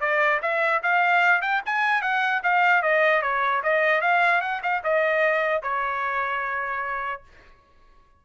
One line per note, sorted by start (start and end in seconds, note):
0.00 0.40 D5
0.42 0.82 E5
0.82 1.41 F5
1.41 1.61 G5
1.65 2.01 G#5
2.01 2.41 F#5
2.43 2.82 F5
2.82 3.21 D#5
3.21 3.61 C#5
3.63 4.01 D#5
4.01 4.41 F5
4.41 4.61 F#5
4.63 4.83 F5
4.83 5.62 D#5
5.62 7.22 C#5